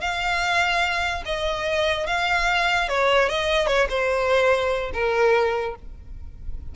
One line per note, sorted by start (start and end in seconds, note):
0.00 1.22 F5
1.25 2.06 D#5
2.06 2.88 F5
2.88 3.29 C#5
3.29 3.67 D#5
3.67 3.87 C#5
3.89 4.91 C5
4.93 5.75 A#4